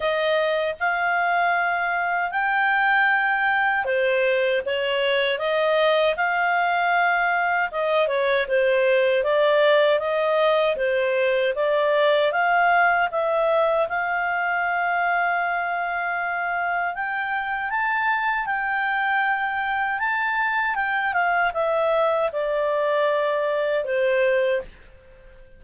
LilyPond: \new Staff \with { instrumentName = "clarinet" } { \time 4/4 \tempo 4 = 78 dis''4 f''2 g''4~ | g''4 c''4 cis''4 dis''4 | f''2 dis''8 cis''8 c''4 | d''4 dis''4 c''4 d''4 |
f''4 e''4 f''2~ | f''2 g''4 a''4 | g''2 a''4 g''8 f''8 | e''4 d''2 c''4 | }